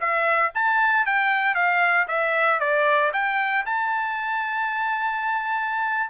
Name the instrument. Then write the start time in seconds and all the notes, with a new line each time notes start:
trumpet
0.00 E5
0.54 A5
1.06 G5
1.54 F5
2.08 E5
2.59 D5
3.13 G5
3.65 A5